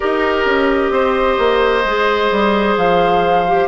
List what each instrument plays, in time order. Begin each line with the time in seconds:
0.00 bassoon D#4, clarinet G4, oboe A#4, flute D#5
0.45 bassoon C#4
0.90 bassoon C4, oboe C5
1.38 bassoon A#3
1.84 bassoon G#3, clarinet G#4
2.31 bassoon G3
2.77 bassoon F3, flute F5
3.47 clarinet G4